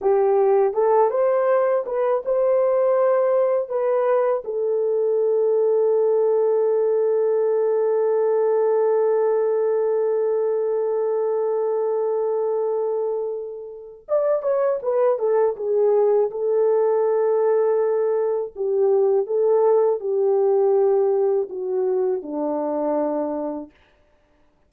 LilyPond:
\new Staff \with { instrumentName = "horn" } { \time 4/4 \tempo 4 = 81 g'4 a'8 c''4 b'8 c''4~ | c''4 b'4 a'2~ | a'1~ | a'1~ |
a'2. d''8 cis''8 | b'8 a'8 gis'4 a'2~ | a'4 g'4 a'4 g'4~ | g'4 fis'4 d'2 | }